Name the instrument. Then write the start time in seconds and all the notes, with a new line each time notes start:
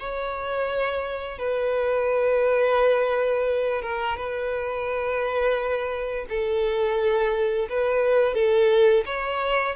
violin
0.00 C#5
1.39 B4
3.82 A#4
4.17 B4
6.29 A4
7.70 B4
8.35 A4
9.06 C#5